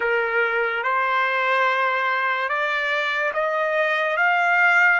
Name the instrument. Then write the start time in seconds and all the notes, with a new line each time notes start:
trumpet
0.00 A#4
0.83 C5
2.48 D5
3.33 D#5
4.16 F5